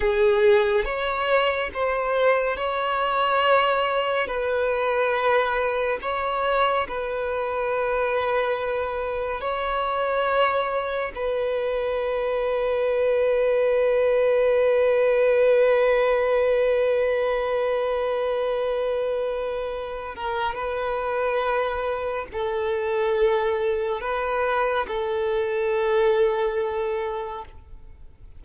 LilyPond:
\new Staff \with { instrumentName = "violin" } { \time 4/4 \tempo 4 = 70 gis'4 cis''4 c''4 cis''4~ | cis''4 b'2 cis''4 | b'2. cis''4~ | cis''4 b'2.~ |
b'1~ | b'2.~ b'8 ais'8 | b'2 a'2 | b'4 a'2. | }